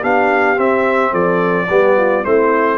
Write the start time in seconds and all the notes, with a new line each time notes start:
0.00 B3 D4 G4 F5
0.56 C4 E5
1.11 F3 A4 D5
1.69 G3 B3 G4
1.97 F4
2.24 A3 C4 E4 C5